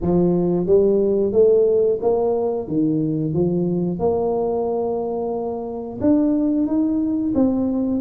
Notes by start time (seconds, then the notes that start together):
0.01 F3
0.66 G3
1.32 A3
2.02 A#3
2.67 D#3
3.33 F3
3.98 A#3
6.00 D4
6.66 D#4
7.35 C4